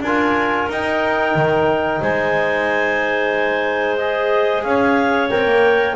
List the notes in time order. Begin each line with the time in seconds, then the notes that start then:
0.00 D4 F4 A#4 G#5
0.68 D#4 G5
1.35 D#3
2.00 G#3 C5 G#5
3.96 G#4 D#5
4.63 C#4 C#5 F5
5.29 C4 A#4 G5
5.45 A#3